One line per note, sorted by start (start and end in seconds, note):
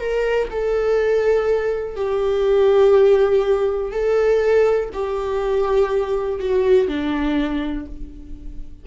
0.00 0.49 A#4
0.51 1.96 A4
1.96 3.92 G4
3.92 4.90 A4
4.93 6.40 G4
6.40 6.88 F#4
6.88 7.86 D4